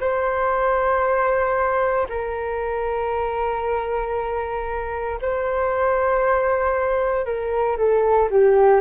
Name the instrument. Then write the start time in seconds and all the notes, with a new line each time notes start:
flute
0.00 C5
2.09 A#4
5.21 C5
7.26 A#4
7.77 A4
8.30 G4